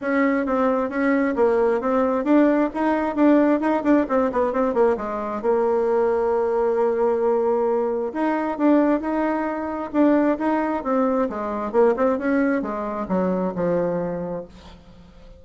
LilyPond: \new Staff \with { instrumentName = "bassoon" } { \time 4/4 \tempo 4 = 133 cis'4 c'4 cis'4 ais4 | c'4 d'4 dis'4 d'4 | dis'8 d'8 c'8 b8 c'8 ais8 gis4 | ais1~ |
ais2 dis'4 d'4 | dis'2 d'4 dis'4 | c'4 gis4 ais8 c'8 cis'4 | gis4 fis4 f2 | }